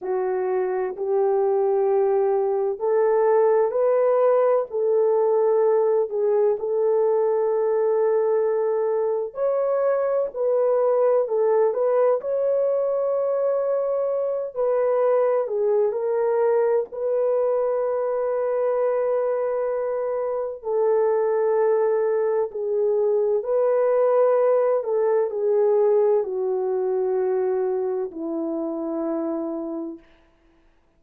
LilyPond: \new Staff \with { instrumentName = "horn" } { \time 4/4 \tempo 4 = 64 fis'4 g'2 a'4 | b'4 a'4. gis'8 a'4~ | a'2 cis''4 b'4 | a'8 b'8 cis''2~ cis''8 b'8~ |
b'8 gis'8 ais'4 b'2~ | b'2 a'2 | gis'4 b'4. a'8 gis'4 | fis'2 e'2 | }